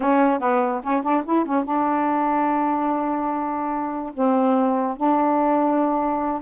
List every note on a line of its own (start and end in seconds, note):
0.00 0.39 C#4
0.39 0.81 B3
0.83 1.02 C#4
1.02 1.23 D4
1.24 1.45 E4
1.45 1.64 C#4
1.64 4.12 D4
4.14 4.96 C4
4.97 6.41 D4